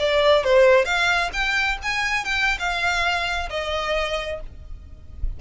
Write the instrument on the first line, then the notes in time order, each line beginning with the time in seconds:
violin
0.00 D5
0.44 C5
0.86 F5
1.33 G5
1.83 G#5
2.25 G5
2.59 F5
3.50 D#5